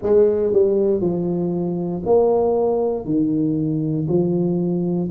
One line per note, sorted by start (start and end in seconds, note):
0.02 0.53 G#3
0.53 1.00 G3
1.00 2.02 F3
2.05 3.05 A#3
3.05 4.06 D#3
4.07 5.09 F3